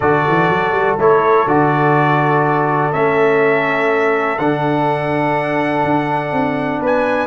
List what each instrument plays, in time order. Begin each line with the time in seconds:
0.00 tuba D3, trombone F#4, horn A4, trumpet D5
0.28 tuba E3
0.49 tuba F#3
0.71 tuba G3
0.97 tuba A3, trombone E4, trumpet C#5
1.46 tuba D3, trombone F#4, trumpet D5
2.92 tuba A3, trombone C#4, trumpet E5
4.38 tuba D3, trombone D4, trumpet F#5
5.84 tuba D4
6.32 tuba C4
6.79 tuba B3, horn B4
6.85 trumpet G#5